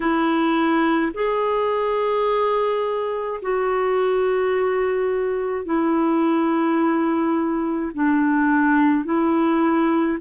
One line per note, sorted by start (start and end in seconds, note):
0.00 1.12 E4
1.14 3.40 G#4
3.42 5.64 F#4
5.64 7.91 E4
7.93 9.04 D4
9.04 10.17 E4